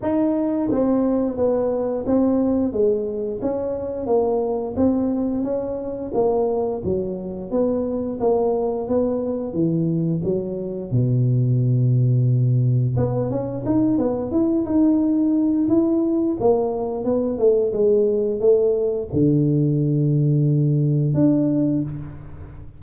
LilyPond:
\new Staff \with { instrumentName = "tuba" } { \time 4/4 \tempo 4 = 88 dis'4 c'4 b4 c'4 | gis4 cis'4 ais4 c'4 | cis'4 ais4 fis4 b4 | ais4 b4 e4 fis4 |
b,2. b8 cis'8 | dis'8 b8 e'8 dis'4. e'4 | ais4 b8 a8 gis4 a4 | d2. d'4 | }